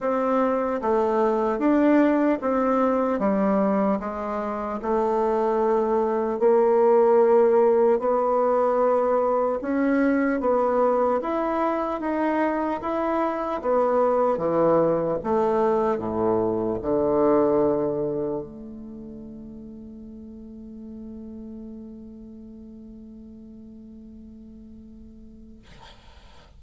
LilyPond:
\new Staff \with { instrumentName = "bassoon" } { \time 4/4 \tempo 4 = 75 c'4 a4 d'4 c'4 | g4 gis4 a2 | ais2 b2 | cis'4 b4 e'4 dis'4 |
e'4 b4 e4 a4 | a,4 d2 a4~ | a1~ | a1 | }